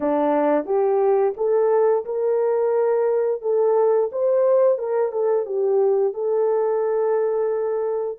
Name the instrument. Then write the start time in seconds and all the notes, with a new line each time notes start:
horn
0.00 D4
0.65 G4
1.36 A4
2.05 A#4
3.41 A4
4.12 C5
4.78 A#4
5.11 A4
5.45 G4
6.13 A4